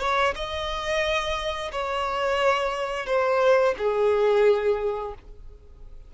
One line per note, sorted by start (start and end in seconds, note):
0.00 0.34 C#5
0.35 1.72 D#5
1.72 3.07 C#5
3.07 3.75 C5
3.78 5.14 G#4